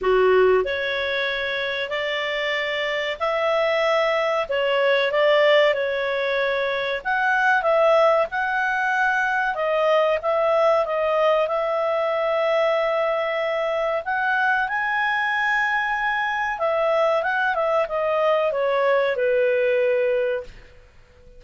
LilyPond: \new Staff \with { instrumentName = "clarinet" } { \time 4/4 \tempo 4 = 94 fis'4 cis''2 d''4~ | d''4 e''2 cis''4 | d''4 cis''2 fis''4 | e''4 fis''2 dis''4 |
e''4 dis''4 e''2~ | e''2 fis''4 gis''4~ | gis''2 e''4 fis''8 e''8 | dis''4 cis''4 b'2 | }